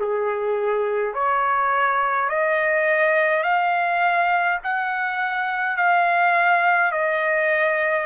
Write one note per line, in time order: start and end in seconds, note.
0.00 1.14 G#4
1.14 2.29 C#5
2.29 3.43 D#5
3.43 4.58 F5
4.64 5.76 F#5
5.76 6.92 F5
6.92 8.06 D#5